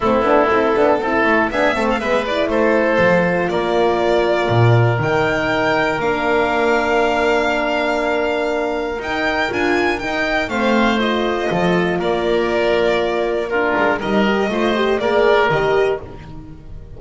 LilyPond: <<
  \new Staff \with { instrumentName = "violin" } { \time 4/4 \tempo 4 = 120 a'2. e''8. f''16 | e''8 d''8 c''2 d''4~ | d''2 g''2 | f''1~ |
f''2 g''4 gis''4 | g''4 f''4 dis''2 | d''2. ais'4 | dis''2 d''4 dis''4 | }
  \new Staff \with { instrumentName = "oboe" } { \time 4/4 e'2 a'4 gis'8 a'8 | b'4 a'2 ais'4~ | ais'1~ | ais'1~ |
ais'1~ | ais'4 c''2 a'4 | ais'2. f'4 | ais'4 c''4 ais'2 | }
  \new Staff \with { instrumentName = "horn" } { \time 4/4 c'8 d'8 e'8 d'8 e'4 d'8 c'8 | b8 e'4. f'2~ | f'2 dis'2 | d'1~ |
d'2 dis'4 f'4 | dis'4 c'4 f'2~ | f'2. d'4 | dis'8 g'8 f'8 g'8 gis'4 g'4 | }
  \new Staff \with { instrumentName = "double bass" } { \time 4/4 a8 b8 c'8 b8 c'8 a8 b8 a8 | gis4 a4 f4 ais4~ | ais4 ais,4 dis2 | ais1~ |
ais2 dis'4 d'4 | dis'4 a2 f4 | ais2.~ ais8 gis8 | g4 a4 ais4 dis4 | }
>>